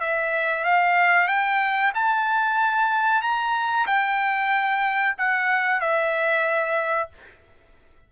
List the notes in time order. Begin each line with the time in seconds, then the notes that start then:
0.00 E5
0.64 F5
1.28 G5
1.94 A5
3.22 A#5
3.86 G5
5.18 F#5
5.80 E5